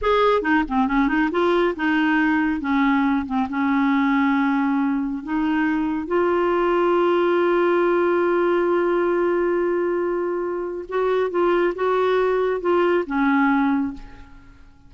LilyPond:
\new Staff \with { instrumentName = "clarinet" } { \time 4/4 \tempo 4 = 138 gis'4 dis'8 c'8 cis'8 dis'8 f'4 | dis'2 cis'4. c'8 | cis'1 | dis'2 f'2~ |
f'1~ | f'1~ | f'4 fis'4 f'4 fis'4~ | fis'4 f'4 cis'2 | }